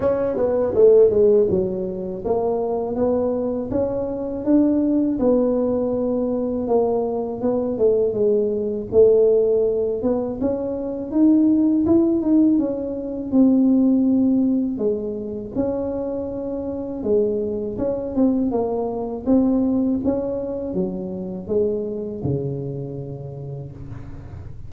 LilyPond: \new Staff \with { instrumentName = "tuba" } { \time 4/4 \tempo 4 = 81 cis'8 b8 a8 gis8 fis4 ais4 | b4 cis'4 d'4 b4~ | b4 ais4 b8 a8 gis4 | a4. b8 cis'4 dis'4 |
e'8 dis'8 cis'4 c'2 | gis4 cis'2 gis4 | cis'8 c'8 ais4 c'4 cis'4 | fis4 gis4 cis2 | }